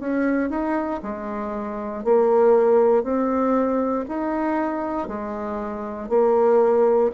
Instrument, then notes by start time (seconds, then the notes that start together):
bassoon
0.00 C#4
0.50 D#4
1.03 G#3
2.05 A#3
3.04 C4
4.09 D#4
5.08 G#3
6.09 A#3